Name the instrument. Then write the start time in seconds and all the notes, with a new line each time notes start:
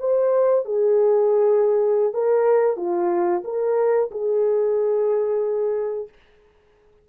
horn
0.00 C5
0.66 G#4
2.14 A#4
2.77 F4
3.45 A#4
4.11 G#4